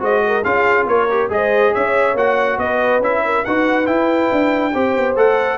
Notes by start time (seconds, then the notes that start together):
0.00 G#3 F#4 C5 D#5
0.27 A#4
0.44 C#4 F4 G#4 F5
0.86 A#3 A#4 C#5
1.10 G4
1.30 G#3 G#4 C5 D#5
1.73 C#4 C#5 E5
2.15 A#3 F#4 F#5
2.58 B3 B4 D#5
3.00 C#4 E4 E5
3.25 A#4
3.45 D#4 F#4 B4 F#5
3.86 E4 G5
4.32 D4
4.73 C4 G4 C5
4.97 B3
5.16 A3 A4 F#5